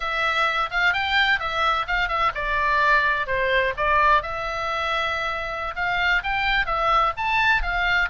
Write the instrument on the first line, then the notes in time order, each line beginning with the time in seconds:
oboe
0.00 E5
0.70 F5
0.93 G5
1.39 E5
1.87 F5
2.08 E5
2.34 D5
3.26 C5
3.76 D5
4.22 E5
5.75 F5
6.23 G5
6.66 E5
7.17 A5
7.62 F5